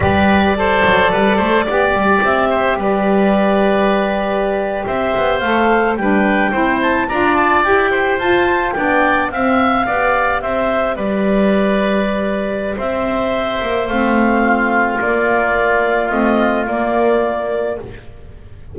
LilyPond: <<
  \new Staff \with { instrumentName = "clarinet" } { \time 4/4 \tempo 4 = 108 d''1 | e''4 d''2.~ | d''8. e''4 f''4 g''4~ g''16~ | g''16 a''8 ais''8 a''8 g''4 a''4 g''16~ |
g''8. f''2 e''4 d''16~ | d''2. e''4~ | e''4 f''2 d''4~ | d''4 dis''4 d''2 | }
  \new Staff \with { instrumentName = "oboe" } { \time 4/4 b'4 c''4 b'8 c''8 d''4~ | d''8 c''8 b'2.~ | b'8. c''2 b'4 c''16~ | c''8. d''4. c''4. d''16~ |
d''8. e''4 d''4 c''4 b'16~ | b'2. c''4~ | c''2 f'2~ | f'1 | }
  \new Staff \with { instrumentName = "saxophone" } { \time 4/4 g'4 a'2 g'4~ | g'1~ | g'4.~ g'16 a'4 d'4 e'16~ | e'8. f'4 g'4 f'4 d'16~ |
d'8. c'4 g'2~ g'16~ | g'1~ | g'4 c'2 ais4~ | ais4 c'4 ais2 | }
  \new Staff \with { instrumentName = "double bass" } { \time 4/4 g4. fis8 g8 a8 b8 g8 | c'4 g2.~ | g8. c'8 b8 a4 g4 c'16~ | c'8. d'4 e'4 f'4 b16~ |
b8. c'4 b4 c'4 g16~ | g2. c'4~ | c'8 ais8 a2 ais4~ | ais4 a4 ais2 | }
>>